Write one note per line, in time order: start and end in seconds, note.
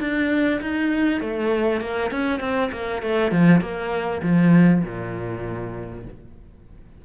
0.00 0.61 D4
0.61 1.21 D#4
1.21 1.81 A3
1.81 2.11 A#3
2.11 2.40 C#4
2.40 2.70 C4
2.72 3.02 A#3
3.02 3.32 A3
3.32 3.61 F3
3.61 4.22 A#3
4.23 4.83 F3
4.83 6.05 A#2